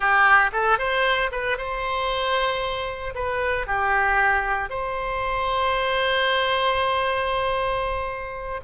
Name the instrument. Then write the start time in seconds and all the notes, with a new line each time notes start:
oboe
0.00 G4
0.52 A4
0.78 C5
1.31 B4
1.57 C5
3.14 B4
3.66 G4
4.69 C5